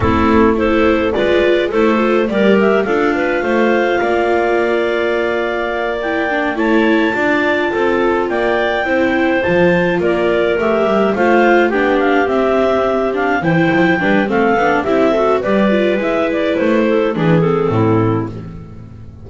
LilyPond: <<
  \new Staff \with { instrumentName = "clarinet" } { \time 4/4 \tempo 4 = 105 a'4 c''4 d''4 c''4 | d''8 e''8 f''2.~ | f''2~ f''8 g''4 a''8~ | a''2~ a''8 g''4.~ |
g''8 a''4 d''4 e''4 f''8~ | f''8 g''8 f''8 e''4. f''8 g''8~ | g''4 f''4 e''4 d''4 | e''8 d''8 c''4 b'8 a'4. | }
  \new Staff \with { instrumentName = "clarinet" } { \time 4/4 e'4 a'4 b'4 a'4 | ais'4 a'8 b'8 c''4 d''4~ | d''2.~ d''8 cis''8~ | cis''8 d''4 a'4 d''4 c''8~ |
c''4. ais'2 c''8~ | c''8 g'2. c''8~ | c''8 b'8 a'4 g'8 a'8 b'4~ | b'4. a'8 gis'4 e'4 | }
  \new Staff \with { instrumentName = "viola" } { \time 4/4 c'4 e'4 f'4 e'8 f'8 | g'4 f'2.~ | f'2~ f'8 e'8 d'8 e'8~ | e'8 f'2. e'8~ |
e'8 f'2 g'4 f'8~ | f'8 d'4 c'4. d'8 e'8~ | e'8 d'8 c'8 d'8 e'8 fis'8 g'8 f'8 | e'2 d'8 c'4. | }
  \new Staff \with { instrumentName = "double bass" } { \time 4/4 a2 gis4 a4 | g4 d'4 a4 ais4~ | ais2.~ ais8 a8~ | a8 d'4 c'4 ais4 c'8~ |
c'8 f4 ais4 a8 g8 a8~ | a8 b4 c'2 e8 | f8 g8 a8 b8 c'4 g4 | gis4 a4 e4 a,4 | }
>>